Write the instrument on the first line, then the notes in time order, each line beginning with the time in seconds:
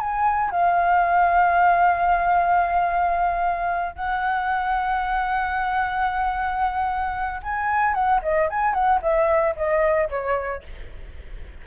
flute
0.00 G#5
0.51 F5
3.96 F#5
7.43 G#5
7.94 F#5
8.23 D#5
8.50 G#5
8.74 F#5
9.02 E5
9.56 D#5
10.10 C#5